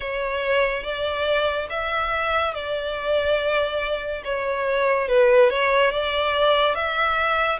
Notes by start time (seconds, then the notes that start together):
0.00 C#5
0.83 D5
1.69 E5
2.54 D5
4.24 C#5
5.08 B4
5.50 C#5
5.90 D5
6.75 E5